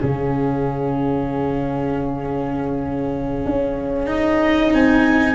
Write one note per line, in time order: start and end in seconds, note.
0.00 3.44 C#3
0.00 4.06 C#4
0.00 5.35 G#4
0.00 4.07 F5
3.46 4.73 C#4
4.06 5.35 D#4
4.06 4.72 D#5
4.73 5.35 C4
4.73 5.35 G#5